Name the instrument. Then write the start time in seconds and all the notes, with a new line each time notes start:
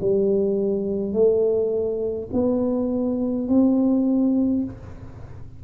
tuba
0.00 G3
1.13 A3
2.33 B3
3.48 C4